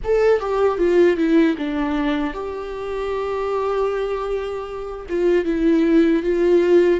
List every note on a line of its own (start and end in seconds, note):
0.04 0.40 A4
0.40 0.78 G4
0.78 1.16 F4
1.16 1.55 E4
1.57 2.33 D4
2.33 5.06 G4
5.09 5.44 F4
5.44 6.22 E4
6.22 7.00 F4